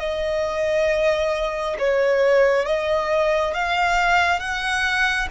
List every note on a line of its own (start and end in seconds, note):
0.00 1.76 D#5
1.79 2.66 C#5
2.66 3.54 D#5
3.54 4.40 F5
4.40 5.28 F#5